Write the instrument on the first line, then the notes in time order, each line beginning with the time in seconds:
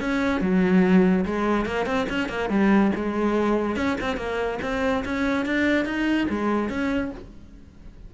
cello
0.00 C#4
0.41 F#3
1.25 G#3
1.65 A#3
1.86 C4
2.09 C#4
2.29 A#3
2.49 G3
2.95 G#3
3.76 C#4
4.01 C4
4.17 A#3
4.62 C4
5.05 C#4
5.45 D4
5.85 D#4
6.29 G#3
6.69 C#4